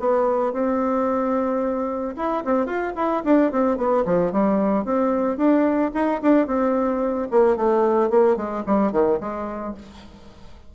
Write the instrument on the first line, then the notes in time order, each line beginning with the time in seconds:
bassoon
0.00 B3
0.53 C4
2.17 E4
2.45 C4
2.66 F4
2.96 E4
3.25 D4
3.52 C4
3.77 B3
4.06 F3
4.32 G3
4.85 C4
5.37 D4
5.94 D#4
6.23 D4
6.47 C4
7.31 A#3
7.57 A3
8.10 A#3
8.37 G#3
8.67 G3
8.92 D#3
9.21 G#3